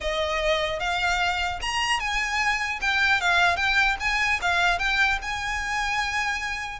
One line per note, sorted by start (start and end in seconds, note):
0.01 0.79 D#5
0.79 1.59 F5
1.61 1.99 A#5
1.99 2.79 G#5
2.81 3.21 G5
3.21 3.56 F5
3.56 3.96 G5
4.00 4.40 G#5
4.41 4.78 F5
4.78 5.18 G5
5.21 6.79 G#5